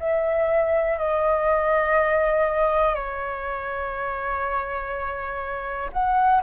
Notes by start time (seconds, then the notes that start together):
0.00 E5
0.98 D#5
2.95 C#5
5.93 F#5